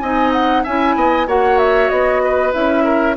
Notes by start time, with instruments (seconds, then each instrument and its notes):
0.00 bassoon C4, clarinet D#4, oboe D#5, flute G#5
0.33 flute F#5
0.64 bassoon C#4, clarinet E4, oboe E5, flute G#5
0.96 bassoon B3, oboe D#5
1.27 bassoon A#3, clarinet F#4, oboe C#5, flute F#5
1.59 flute E5
1.89 bassoon B3, flute D#5
2.24 oboe B4
2.53 bassoon C#4, clarinet E4, flute E5
2.84 oboe A#4